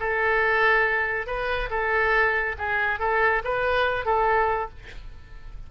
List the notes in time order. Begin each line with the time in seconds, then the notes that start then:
0.00 A4
1.27 B4
1.70 A4
2.58 G#4
3.00 A4
3.44 B4
4.06 A4